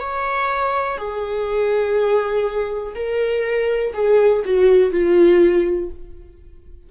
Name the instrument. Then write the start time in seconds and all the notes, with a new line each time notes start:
viola
0.00 C#5
0.97 G#4
2.95 A#4
3.93 G#4
4.45 F#4
4.91 F4